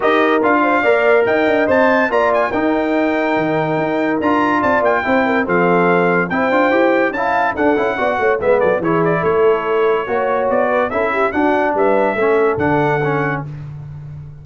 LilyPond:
<<
  \new Staff \with { instrumentName = "trumpet" } { \time 4/4 \tempo 4 = 143 dis''4 f''2 g''4 | a''4 ais''8 gis''8 g''2~ | g''2 ais''4 a''8 g''8~ | g''4 f''2 g''4~ |
g''4 a''4 fis''2 | e''8 d''8 cis''8 d''8 cis''2~ | cis''4 d''4 e''4 fis''4 | e''2 fis''2 | }
  \new Staff \with { instrumentName = "horn" } { \time 4/4 ais'4. c''8 d''4 dis''4~ | dis''4 d''4 ais'2~ | ais'2. d''4 | c''8 ais'8 a'2 c''4~ |
c''4 f''4 a'4 d''8 cis''8 | b'8 a'8 gis'4 a'2 | cis''4. b'8 a'8 g'8 fis'4 | b'4 a'2. | }
  \new Staff \with { instrumentName = "trombone" } { \time 4/4 g'4 f'4 ais'2 | c''4 f'4 dis'2~ | dis'2 f'2 | e'4 c'2 e'8 f'8 |
g'4 e'4 d'8 e'8 fis'4 | b4 e'2. | fis'2 e'4 d'4~ | d'4 cis'4 d'4 cis'4 | }
  \new Staff \with { instrumentName = "tuba" } { \time 4/4 dis'4 d'4 ais4 dis'8 d'8 | c'4 ais4 dis'2 | dis4 dis'4 d'4 c'8 ais8 | c'4 f2 c'8 d'8 |
e'4 cis'4 d'8 cis'8 b8 a8 | gis8 fis8 e4 a2 | ais4 b4 cis'4 d'4 | g4 a4 d2 | }
>>